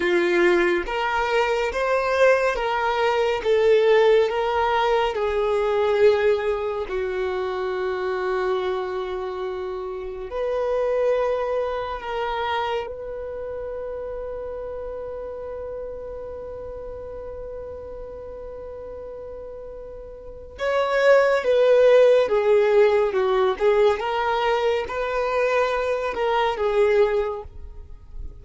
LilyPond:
\new Staff \with { instrumentName = "violin" } { \time 4/4 \tempo 4 = 70 f'4 ais'4 c''4 ais'4 | a'4 ais'4 gis'2 | fis'1 | b'2 ais'4 b'4~ |
b'1~ | b'1 | cis''4 b'4 gis'4 fis'8 gis'8 | ais'4 b'4. ais'8 gis'4 | }